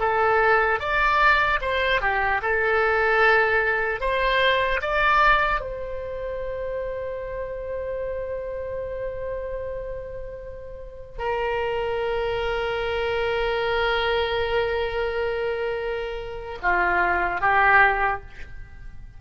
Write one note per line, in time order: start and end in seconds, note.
0.00 0.80 A4
0.80 1.60 D5
1.62 2.01 C5
2.01 2.41 G4
2.43 4.01 A4
4.01 4.81 C5
4.82 5.61 D5
5.61 11.19 C5
11.19 16.59 A#4
16.63 17.41 F4
17.41 18.21 G4